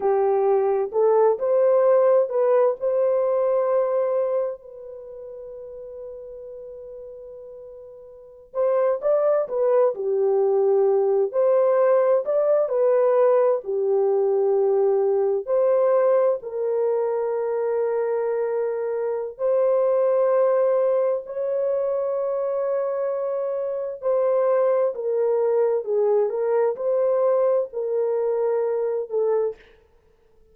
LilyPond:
\new Staff \with { instrumentName = "horn" } { \time 4/4 \tempo 4 = 65 g'4 a'8 c''4 b'8 c''4~ | c''4 b'2.~ | b'4~ b'16 c''8 d''8 b'8 g'4~ g'16~ | g'16 c''4 d''8 b'4 g'4~ g'16~ |
g'8. c''4 ais'2~ ais'16~ | ais'4 c''2 cis''4~ | cis''2 c''4 ais'4 | gis'8 ais'8 c''4 ais'4. a'8 | }